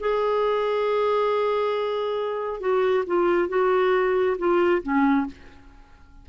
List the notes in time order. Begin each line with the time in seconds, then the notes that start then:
0.00 G#4
2.60 F#4
3.07 F4
3.49 F#4
4.38 F4
4.83 C#4